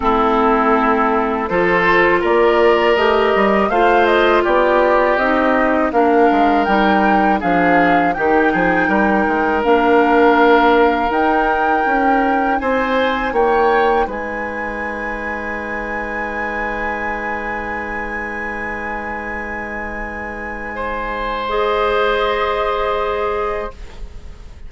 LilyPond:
<<
  \new Staff \with { instrumentName = "flute" } { \time 4/4 \tempo 4 = 81 a'2 c''4 d''4 | dis''4 f''8 dis''8 d''4 dis''4 | f''4 g''4 f''4 g''4~ | g''4 f''2 g''4~ |
g''4 gis''4 g''4 gis''4~ | gis''1~ | gis''1~ | gis''4 dis''2. | }
  \new Staff \with { instrumentName = "oboe" } { \time 4/4 e'2 a'4 ais'4~ | ais'4 c''4 g'2 | ais'2 gis'4 g'8 gis'8 | ais'1~ |
ais'4 c''4 cis''4 b'4~ | b'1~ | b'1 | c''1 | }
  \new Staff \with { instrumentName = "clarinet" } { \time 4/4 c'2 f'2 | g'4 f'2 dis'4 | d'4 dis'4 d'4 dis'4~ | dis'4 d'2 dis'4~ |
dis'1~ | dis'1~ | dis'1~ | dis'4 gis'2. | }
  \new Staff \with { instrumentName = "bassoon" } { \time 4/4 a2 f4 ais4 | a8 g8 a4 b4 c'4 | ais8 gis8 g4 f4 dis8 f8 | g8 gis8 ais2 dis'4 |
cis'4 c'4 ais4 gis4~ | gis1~ | gis1~ | gis1 | }
>>